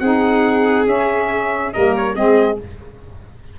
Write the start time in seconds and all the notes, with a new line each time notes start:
0.00 C4 D#4 G#4 F#5
0.86 C#4 E5
1.73 G3 A#3 A#4 D#5
1.97 C#5
2.15 G#3 C4 G#4 D#5